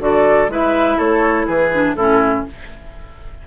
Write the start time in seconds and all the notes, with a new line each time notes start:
0.00 D3 F#4 A4 D5
0.49 G#3 E4 B4 E5
0.98 A3 A4 C#5
1.47 E3 G#4 B4
1.72 D4
1.96 A2 C#4 E4 A4